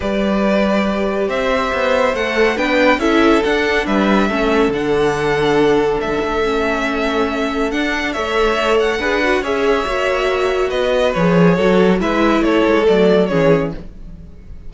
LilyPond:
<<
  \new Staff \with { instrumentName = "violin" } { \time 4/4 \tempo 4 = 140 d''2. e''4~ | e''4 fis''4 g''4 e''4 | fis''4 e''2 fis''4~ | fis''2 e''2~ |
e''2 fis''4 e''4~ | e''8 fis''4. e''2~ | e''4 dis''4 cis''2 | e''4 cis''4 d''4 cis''4 | }
  \new Staff \with { instrumentName = "violin" } { \time 4/4 b'2. c''4~ | c''2 b'4 a'4~ | a'4 b'4 a'2~ | a'1~ |
a'2. cis''4~ | cis''4 b'4 cis''2~ | cis''4 b'2 a'4 | b'4 a'2 gis'4 | }
  \new Staff \with { instrumentName = "viola" } { \time 4/4 g'1~ | g'4 a'4 d'4 e'4 | d'2 cis'4 d'4~ | d'2. cis'4~ |
cis'2 d'4 a'4~ | a'4 gis'8 fis'8 gis'4 fis'4~ | fis'2 gis'4 fis'4 | e'2 a4 cis'4 | }
  \new Staff \with { instrumentName = "cello" } { \time 4/4 g2. c'4 | b4 a4 b4 cis'4 | d'4 g4 a4 d4~ | d2 a16 d16 a4.~ |
a2 d'4 a4~ | a4 d'4 cis'4 ais4~ | ais4 b4 f4 fis4 | gis4 a8 gis8 fis4 e4 | }
>>